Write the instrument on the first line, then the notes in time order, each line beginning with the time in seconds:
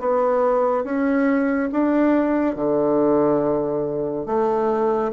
bassoon
0.00 B3
0.84 C#4
1.72 D4
2.56 D3
4.26 A3